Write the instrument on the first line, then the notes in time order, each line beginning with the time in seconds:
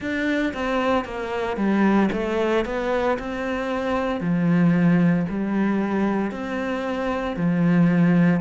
cello
0.00 D4
0.53 C4
1.04 A#3
1.56 G3
2.12 A3
2.65 B3
3.19 C4
4.20 F3
5.29 G3
6.31 C4
7.36 F3